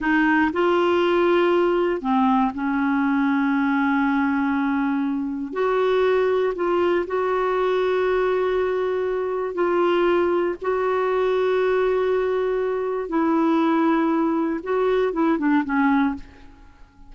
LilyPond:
\new Staff \with { instrumentName = "clarinet" } { \time 4/4 \tempo 4 = 119 dis'4 f'2. | c'4 cis'2.~ | cis'2. fis'4~ | fis'4 f'4 fis'2~ |
fis'2. f'4~ | f'4 fis'2.~ | fis'2 e'2~ | e'4 fis'4 e'8 d'8 cis'4 | }